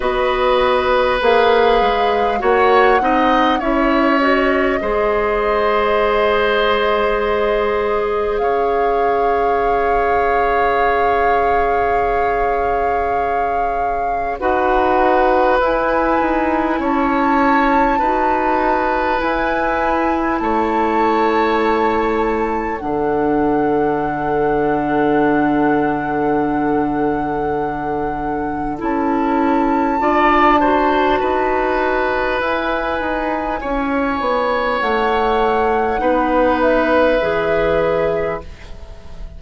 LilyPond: <<
  \new Staff \with { instrumentName = "flute" } { \time 4/4 \tempo 4 = 50 dis''4 f''4 fis''4 e''8 dis''8~ | dis''2. f''4~ | f''1 | fis''4 gis''4 a''2 |
gis''4 a''2 fis''4~ | fis''1 | a''2. gis''4~ | gis''4 fis''4. e''4. | }
  \new Staff \with { instrumentName = "oboe" } { \time 4/4 b'2 cis''8 dis''8 cis''4 | c''2. cis''4~ | cis''1 | b'2 cis''4 b'4~ |
b'4 cis''2 a'4~ | a'1~ | a'4 d''8 c''8 b'2 | cis''2 b'2 | }
  \new Staff \with { instrumentName = "clarinet" } { \time 4/4 fis'4 gis'4 fis'8 dis'8 e'8 fis'8 | gis'1~ | gis'1 | fis'4 e'2 fis'4 |
e'2. d'4~ | d'1 | e'4 f'8 fis'4. e'4~ | e'2 dis'4 gis'4 | }
  \new Staff \with { instrumentName = "bassoon" } { \time 4/4 b4 ais8 gis8 ais8 c'8 cis'4 | gis2. cis'4~ | cis'1 | dis'4 e'8 dis'8 cis'4 dis'4 |
e'4 a2 d4~ | d1 | cis'4 d'4 dis'4 e'8 dis'8 | cis'8 b8 a4 b4 e4 | }
>>